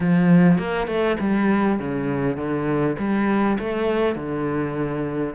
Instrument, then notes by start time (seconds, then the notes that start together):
cello
0.00 F3
0.58 A#3
0.87 A3
1.20 G3
1.79 C#3
2.37 D3
2.98 G3
3.58 A3
4.15 D3